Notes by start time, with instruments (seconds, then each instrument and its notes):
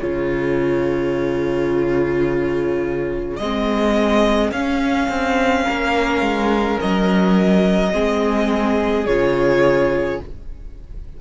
0.00 cello C#3, viola F4, violin G#4 C#5
3.37 cello G#3, viola C4, violin D#5
4.52 cello C#4, viola C#4, violin F5
5.09 cello C4
5.65 cello A#3, violin A#4
6.21 cello G#3
6.81 cello F#3, violin D#5
7.92 cello G#3, viola C4, violin G#4
9.06 cello C#3, viola F4, violin C#5